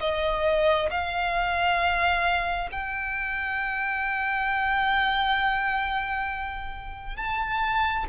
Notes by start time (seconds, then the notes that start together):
0.00 D#5
0.90 F5
2.71 G5
7.16 A5